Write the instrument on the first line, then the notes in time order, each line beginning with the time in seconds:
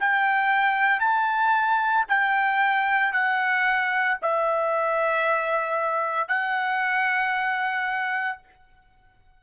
trumpet
0.00 G5
1.00 A5
2.09 G5
3.13 F#5
4.22 E5
6.29 F#5